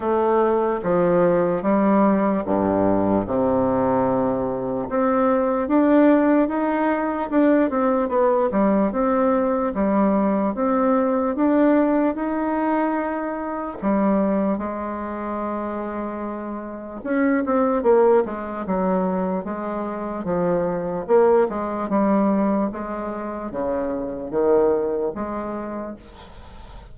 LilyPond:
\new Staff \with { instrumentName = "bassoon" } { \time 4/4 \tempo 4 = 74 a4 f4 g4 g,4 | c2 c'4 d'4 | dis'4 d'8 c'8 b8 g8 c'4 | g4 c'4 d'4 dis'4~ |
dis'4 g4 gis2~ | gis4 cis'8 c'8 ais8 gis8 fis4 | gis4 f4 ais8 gis8 g4 | gis4 cis4 dis4 gis4 | }